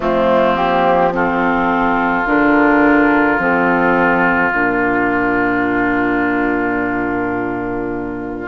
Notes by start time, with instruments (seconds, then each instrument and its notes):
0.00 bassoon F3, clarinet A3, oboe C4, flute F4
0.54 clarinet A#3, flute G4
1.12 clarinet C4, oboe F4, flute A4
2.25 bassoon D3, clarinet D4, flute A#4
3.37 bassoon F3, clarinet C4, flute A4
4.51 bassoon A#2, clarinet D4, flute A#4